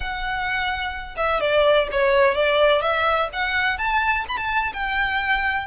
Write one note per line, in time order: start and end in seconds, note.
0.00 1.15 F#5
1.16 1.40 E5
1.40 1.87 D5
1.91 2.34 C#5
2.34 2.81 D5
2.81 3.29 E5
3.33 3.78 F#5
3.78 4.25 A5
4.28 4.37 B5
4.37 4.72 A5
4.73 5.66 G5